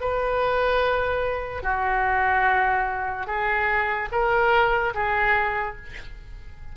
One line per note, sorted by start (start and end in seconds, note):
0.00 1.63 B4
1.63 3.27 F#4
3.27 4.09 G#4
4.11 4.94 A#4
4.94 5.76 G#4